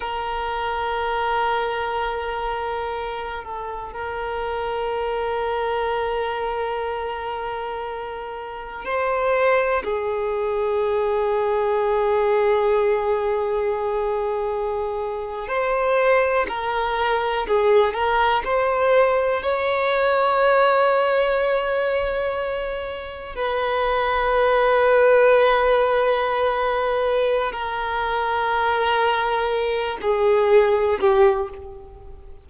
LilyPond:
\new Staff \with { instrumentName = "violin" } { \time 4/4 \tempo 4 = 61 ais'2.~ ais'8 a'8 | ais'1~ | ais'4 c''4 gis'2~ | gis'2.~ gis'8. c''16~ |
c''8. ais'4 gis'8 ais'8 c''4 cis''16~ | cis''2.~ cis''8. b'16~ | b'1 | ais'2~ ais'8 gis'4 g'8 | }